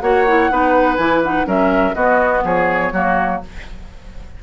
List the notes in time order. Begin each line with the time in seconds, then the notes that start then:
0.00 A#3 F#4 C#5 F#5
0.27 E4
0.50 B3 D#4 B4
0.96 E3 E4 G#5
1.23 D#4 F#5
1.45 F#3 C#4 A#4 E5
1.94 B3 F#4 D#5
2.44 F3 G#4 C#5
2.92 F#3 A#3 F#4